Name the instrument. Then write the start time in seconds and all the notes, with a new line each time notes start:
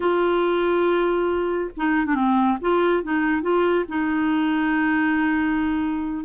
clarinet
0.00 F4
1.76 D#4
2.05 D4
2.14 C4
2.61 F4
3.03 D#4
3.42 F4
3.88 D#4